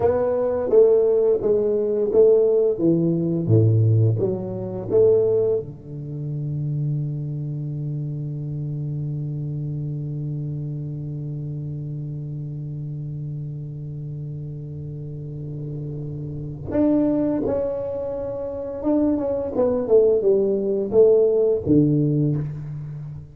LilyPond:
\new Staff \with { instrumentName = "tuba" } { \time 4/4 \tempo 4 = 86 b4 a4 gis4 a4 | e4 a,4 fis4 a4 | d1~ | d1~ |
d1~ | d1 | d'4 cis'2 d'8 cis'8 | b8 a8 g4 a4 d4 | }